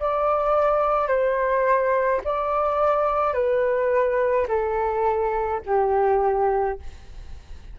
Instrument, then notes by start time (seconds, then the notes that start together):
flute
0.00 D5
1.08 C5
2.24 D5
3.34 B4
4.48 A4
5.66 G4